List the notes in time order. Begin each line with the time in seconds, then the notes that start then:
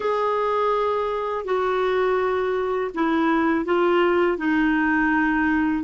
0.00 G#4
1.45 F#4
2.94 E4
3.65 F4
4.37 D#4